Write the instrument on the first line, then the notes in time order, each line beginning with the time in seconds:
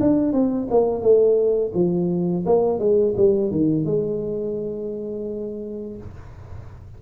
tuba
0.00 D4
0.32 C4
0.71 A#3
1.01 A3
1.74 F3
2.46 A#3
2.79 G#3
3.17 G3
3.51 D#3
3.85 G#3